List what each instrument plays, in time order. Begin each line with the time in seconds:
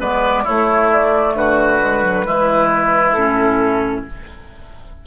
0.00 bassoon G#3, clarinet B3, oboe B4, flute D5
0.43 clarinet A3, bassoon A3, oboe E4, flute C#5
0.92 flute D5
1.34 bassoon D3, oboe F#4, flute B4
1.80 clarinet G#3
2.02 clarinet F#3
2.24 bassoon E3, clarinet G#3, oboe E4
3.12 bassoon A2, clarinet C#4, flute A4